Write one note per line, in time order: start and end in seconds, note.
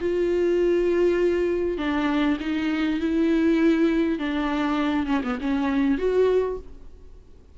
0.00 1.78 F4
1.78 2.38 D4
2.40 3.00 D#4
3.00 4.18 E4
4.18 5.06 D4
5.06 5.21 C#4
5.23 5.38 B3
5.41 5.98 C#4
5.98 6.58 F#4